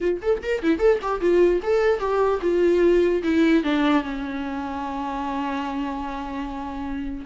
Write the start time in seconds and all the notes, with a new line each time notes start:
0.00 F4
0.22 A4
0.42 A#4
0.62 E4
0.78 A4
1.01 G4
1.20 F4
1.63 A4
1.99 G4
2.41 F4
3.23 E4
3.63 D4
4.03 C#4